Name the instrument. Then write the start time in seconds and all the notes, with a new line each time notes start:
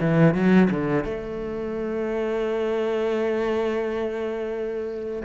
cello
0.00 E3
0.35 F#3
0.71 D3
1.04 A3